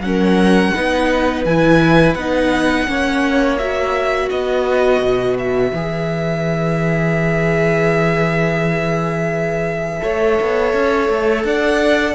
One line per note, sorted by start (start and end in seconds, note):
0.00 0.71 F#3
0.00 0.74 C#4
0.00 0.74 A#4
0.00 1.44 F#5
0.74 1.44 B3
0.74 1.45 D#4
0.74 2.88 B4
1.44 2.15 E3
1.44 2.19 E4
1.44 2.14 G#5
2.14 2.87 B3
2.14 2.87 D#4
2.14 3.57 F#5
2.87 4.30 A#3
2.87 3.58 C#4
2.87 4.31 C#5
3.58 5.74 F#4
3.58 4.29 E5
4.30 5.01 B3
4.30 10.02 B4
4.30 5.37 D#5
5.01 5.72 B2
5.38 11.44 E5
5.72 10.01 E3
5.72 10.00 G#4
10.00 10.39 A3
10.00 12.14 A4
10.00 11.45 C#5
10.41 10.74 B3
10.74 11.08 C#4
11.08 11.44 A3
11.44 12.15 D4
11.44 12.15 D5
11.44 12.15 F#5